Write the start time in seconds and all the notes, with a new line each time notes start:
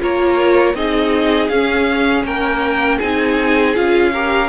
0.00 A#3 F4 A#4 C#5
0.74 C4 D#4 G#4 D#5
1.48 C#4 F5
2.24 A#3 A#4 G5
2.98 C4 D#4 G#4 G#5
3.75 C#4 F4 F5
4.13 G4 A#4